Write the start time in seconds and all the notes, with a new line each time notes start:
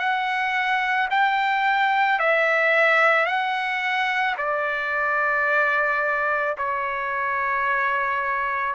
0.00 F#5
1.11 G5
2.20 E5
3.27 F#5
4.38 D5
6.59 C#5